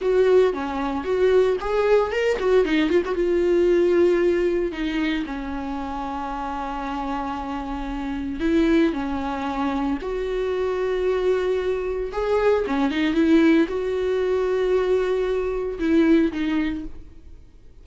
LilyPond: \new Staff \with { instrumentName = "viola" } { \time 4/4 \tempo 4 = 114 fis'4 cis'4 fis'4 gis'4 | ais'8 fis'8 dis'8 f'16 fis'16 f'2~ | f'4 dis'4 cis'2~ | cis'1 |
e'4 cis'2 fis'4~ | fis'2. gis'4 | cis'8 dis'8 e'4 fis'2~ | fis'2 e'4 dis'4 | }